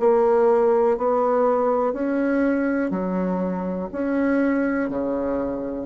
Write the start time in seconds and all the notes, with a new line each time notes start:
0.00 A#3
0.98 B3
1.93 C#4
2.91 F#3
3.93 C#4
4.90 C#3